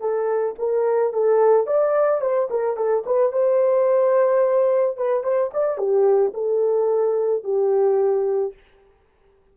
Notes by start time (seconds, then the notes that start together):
0.00 A4
0.58 A#4
1.13 A4
1.66 D5
2.21 C5
2.50 A#4
2.76 A4
3.06 B4
3.32 C5
4.97 B4
5.23 C5
5.53 D5
5.77 G4
6.34 A4
7.44 G4